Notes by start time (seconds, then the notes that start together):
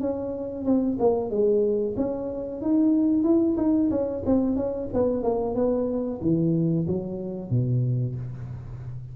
0.00 C#4
0.65 C4
0.99 A#3
1.30 G#3
1.97 C#4
2.61 D#4
3.23 E4
3.57 D#4
3.90 C#4
4.26 C4
4.56 C#4
4.93 B3
5.23 A#3
5.55 B3
6.21 E3
6.87 F#3
7.50 B2